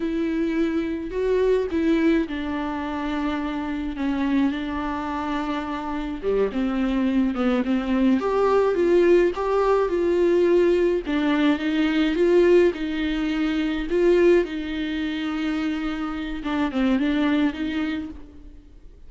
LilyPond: \new Staff \with { instrumentName = "viola" } { \time 4/4 \tempo 4 = 106 e'2 fis'4 e'4 | d'2. cis'4 | d'2. g8 c'8~ | c'4 b8 c'4 g'4 f'8~ |
f'8 g'4 f'2 d'8~ | d'8 dis'4 f'4 dis'4.~ | dis'8 f'4 dis'2~ dis'8~ | dis'4 d'8 c'8 d'4 dis'4 | }